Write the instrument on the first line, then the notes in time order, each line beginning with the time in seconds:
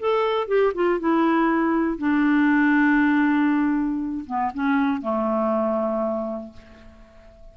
clarinet
0.00 A4
0.48 G4
0.75 F4
1.00 E4
1.98 D4
4.27 B3
4.54 C#4
5.02 A3